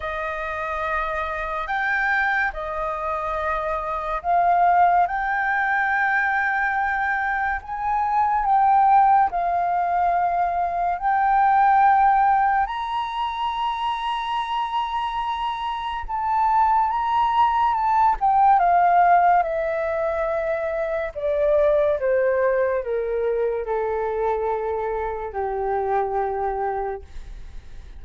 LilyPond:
\new Staff \with { instrumentName = "flute" } { \time 4/4 \tempo 4 = 71 dis''2 g''4 dis''4~ | dis''4 f''4 g''2~ | g''4 gis''4 g''4 f''4~ | f''4 g''2 ais''4~ |
ais''2. a''4 | ais''4 a''8 g''8 f''4 e''4~ | e''4 d''4 c''4 ais'4 | a'2 g'2 | }